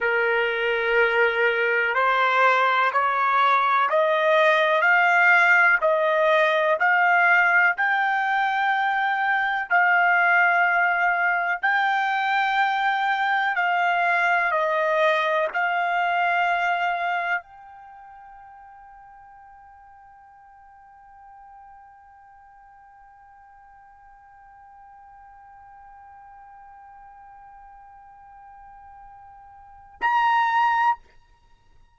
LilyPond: \new Staff \with { instrumentName = "trumpet" } { \time 4/4 \tempo 4 = 62 ais'2 c''4 cis''4 | dis''4 f''4 dis''4 f''4 | g''2 f''2 | g''2 f''4 dis''4 |
f''2 g''2~ | g''1~ | g''1~ | g''2. ais''4 | }